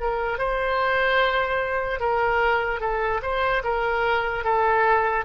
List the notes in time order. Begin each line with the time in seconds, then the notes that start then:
0.00 A#4
0.38 C5
2.00 A#4
2.80 A4
3.22 C5
3.64 A#4
4.44 A4